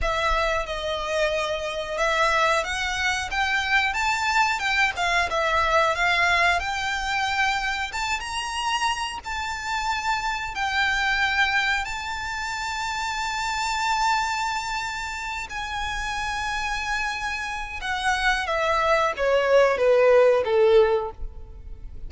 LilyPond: \new Staff \with { instrumentName = "violin" } { \time 4/4 \tempo 4 = 91 e''4 dis''2 e''4 | fis''4 g''4 a''4 g''8 f''8 | e''4 f''4 g''2 | a''8 ais''4. a''2 |
g''2 a''2~ | a''2.~ a''8 gis''8~ | gis''2. fis''4 | e''4 cis''4 b'4 a'4 | }